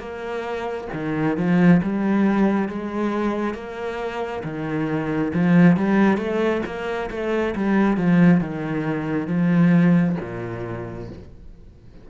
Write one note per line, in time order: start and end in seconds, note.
0.00 0.88 A#3
0.93 1.38 D#3
1.38 1.82 F3
1.83 2.69 G3
2.69 3.55 G#3
3.55 4.43 A#3
4.44 5.33 D#3
5.34 5.77 F3
5.77 6.18 G3
6.18 6.62 A3
6.66 7.10 A#3
7.11 7.55 A3
7.56 7.98 G3
7.98 8.41 F3
8.41 9.28 D#3
9.28 10.16 F3
10.22 11.10 A#2